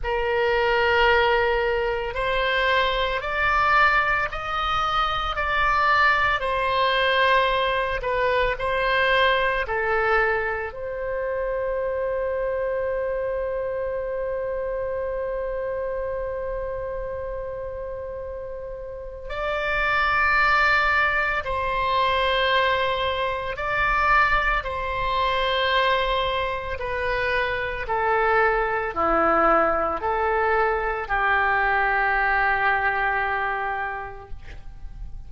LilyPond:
\new Staff \with { instrumentName = "oboe" } { \time 4/4 \tempo 4 = 56 ais'2 c''4 d''4 | dis''4 d''4 c''4. b'8 | c''4 a'4 c''2~ | c''1~ |
c''2 d''2 | c''2 d''4 c''4~ | c''4 b'4 a'4 e'4 | a'4 g'2. | }